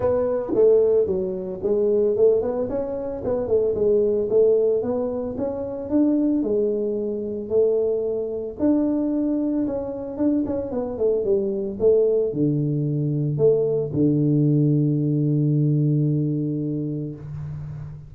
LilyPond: \new Staff \with { instrumentName = "tuba" } { \time 4/4 \tempo 4 = 112 b4 a4 fis4 gis4 | a8 b8 cis'4 b8 a8 gis4 | a4 b4 cis'4 d'4 | gis2 a2 |
d'2 cis'4 d'8 cis'8 | b8 a8 g4 a4 d4~ | d4 a4 d2~ | d1 | }